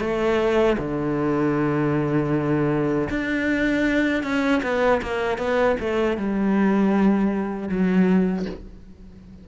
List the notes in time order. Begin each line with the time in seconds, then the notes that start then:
0.00 A3
0.78 D3
3.10 D4
4.23 C#4
4.63 B3
5.02 A#3
5.38 B3
5.80 A3
6.17 G3
7.69 F#3